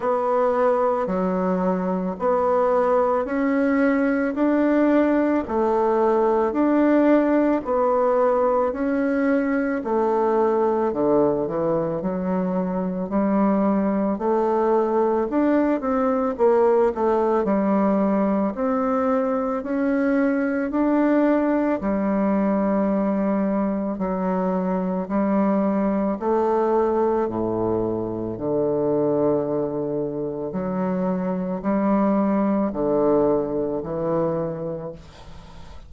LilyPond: \new Staff \with { instrumentName = "bassoon" } { \time 4/4 \tempo 4 = 55 b4 fis4 b4 cis'4 | d'4 a4 d'4 b4 | cis'4 a4 d8 e8 fis4 | g4 a4 d'8 c'8 ais8 a8 |
g4 c'4 cis'4 d'4 | g2 fis4 g4 | a4 a,4 d2 | fis4 g4 d4 e4 | }